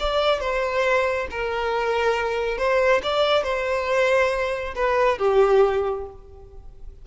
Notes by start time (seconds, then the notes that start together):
0.00 D5
0.41 C5
1.31 A#4
2.58 C5
3.03 D5
3.44 C5
4.75 B4
5.19 G4